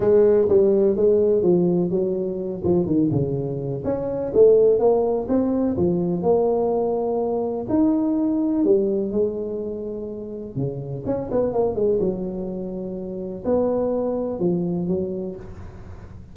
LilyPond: \new Staff \with { instrumentName = "tuba" } { \time 4/4 \tempo 4 = 125 gis4 g4 gis4 f4 | fis4. f8 dis8 cis4. | cis'4 a4 ais4 c'4 | f4 ais2. |
dis'2 g4 gis4~ | gis2 cis4 cis'8 b8 | ais8 gis8 fis2. | b2 f4 fis4 | }